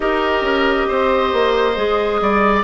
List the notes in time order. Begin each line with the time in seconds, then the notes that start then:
0.00 D#4 G4 A#4 D#5
0.41 C#4
0.87 C4 C5
1.32 A#3
1.75 G#3 G#4
2.21 G3 D5